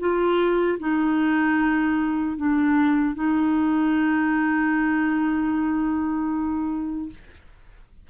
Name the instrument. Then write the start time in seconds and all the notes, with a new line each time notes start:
clarinet
0.00 F4
0.79 D#4
2.37 D4
3.15 D#4